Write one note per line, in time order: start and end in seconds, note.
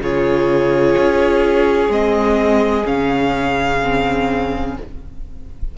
0.00 0.95 C#3
0.00 1.90 F4
0.00 4.78 G#4
0.00 1.92 C#5
0.97 1.89 C#4
1.89 2.85 G#3
1.89 2.85 C4
1.89 2.87 D#5
2.85 4.77 C#3
2.85 3.80 C#4
2.85 4.77 F5
3.83 4.78 C4